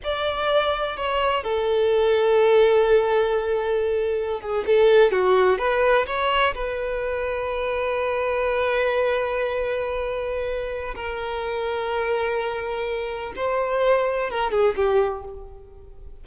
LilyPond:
\new Staff \with { instrumentName = "violin" } { \time 4/4 \tempo 4 = 126 d''2 cis''4 a'4~ | a'1~ | a'4~ a'16 gis'8 a'4 fis'4 b'16~ | b'8. cis''4 b'2~ b'16~ |
b'1~ | b'2. ais'4~ | ais'1 | c''2 ais'8 gis'8 g'4 | }